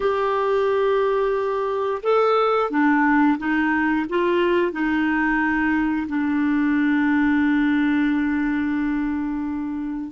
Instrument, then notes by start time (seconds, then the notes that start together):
clarinet
0.00 G4
2.03 A4
2.70 D4
3.38 D#4
4.09 F4
4.72 D#4
6.08 D4